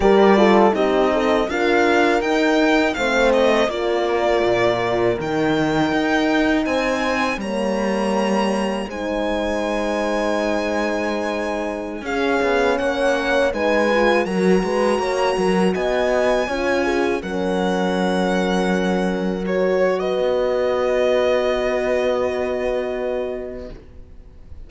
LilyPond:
<<
  \new Staff \with { instrumentName = "violin" } { \time 4/4 \tempo 4 = 81 d''4 dis''4 f''4 g''4 | f''8 dis''8 d''2 g''4~ | g''4 gis''4 ais''2 | gis''1~ |
gis''16 f''4 fis''4 gis''4 ais''8.~ | ais''4~ ais''16 gis''2 fis''8.~ | fis''2~ fis''16 cis''8. dis''4~ | dis''1 | }
  \new Staff \with { instrumentName = "horn" } { \time 4/4 ais'8 a'8 g'8 a'8 ais'2 | c''4 ais'2.~ | ais'4 c''4 cis''2 | c''1~ |
c''16 gis'4 cis''4 b'4 ais'8 b'16~ | b'16 cis''8 ais'8 dis''4 cis''8 gis'8 ais'8.~ | ais'2. b'4~ | b'1 | }
  \new Staff \with { instrumentName = "horn" } { \time 4/4 g'8 f'8 dis'4 f'4 dis'4 | c'4 f'2 dis'4~ | dis'2 ais2 | dis'1~ |
dis'16 cis'2 dis'8 f'8 fis'8.~ | fis'2~ fis'16 f'4 cis'8.~ | cis'2~ cis'16 fis'4.~ fis'16~ | fis'1 | }
  \new Staff \with { instrumentName = "cello" } { \time 4/4 g4 c'4 d'4 dis'4 | a4 ais4 ais,4 dis4 | dis'4 c'4 g2 | gis1~ |
gis16 cis'8 b8 ais4 gis4 fis8 gis16~ | gis16 ais8 fis8 b4 cis'4 fis8.~ | fis2.~ fis16 b8.~ | b1 | }
>>